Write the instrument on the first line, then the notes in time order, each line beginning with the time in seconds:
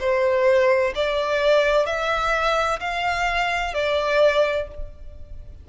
violin
0.00 C5
0.96 D5
1.86 E5
2.80 F5
3.75 D5